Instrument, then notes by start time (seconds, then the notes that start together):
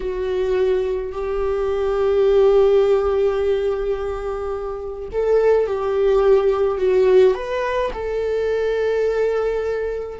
viola
0.00 F#4
1.12 G4
5.12 A4
5.66 G4
6.77 F#4
7.34 B4
7.93 A4